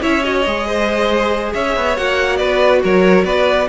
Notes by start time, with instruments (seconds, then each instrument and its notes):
0.00 cello C#4, viola E4, violin C#5 E5
0.22 viola F#4, violin D#5
0.46 cello G#3, viola G#4
0.66 violin C5
1.53 cello C#4, violin C#5 E5
1.76 cello B3
1.96 cello A#3, viola F#4, violin F#5
2.36 cello B3, violin B4 D5
2.83 cello F#3, violin A#4 C#5
3.24 cello B3, violin B4 D5